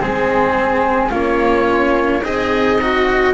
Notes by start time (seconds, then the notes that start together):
0.00 G#3 C4 G#4
1.11 A#3 C#4 F4 C#5
2.22 C4 D#4 G#4 D#5
2.82 F#4